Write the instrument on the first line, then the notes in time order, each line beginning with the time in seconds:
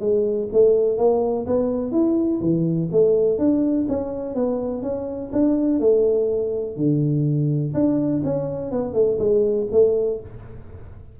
tuba
0.00 G#3
0.52 A3
0.98 A#3
1.46 B3
1.92 E4
2.41 E3
2.92 A3
3.38 D4
3.88 C#4
4.35 B3
4.82 C#4
5.32 D4
5.80 A3
6.77 D3
7.74 D4
8.24 C#4
8.71 B3
8.94 A3
9.19 G#3
9.72 A3